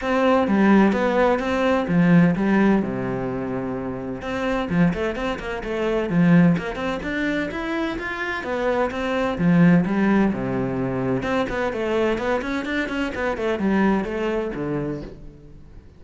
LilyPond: \new Staff \with { instrumentName = "cello" } { \time 4/4 \tempo 4 = 128 c'4 g4 b4 c'4 | f4 g4 c2~ | c4 c'4 f8 a8 c'8 ais8 | a4 f4 ais8 c'8 d'4 |
e'4 f'4 b4 c'4 | f4 g4 c2 | c'8 b8 a4 b8 cis'8 d'8 cis'8 | b8 a8 g4 a4 d4 | }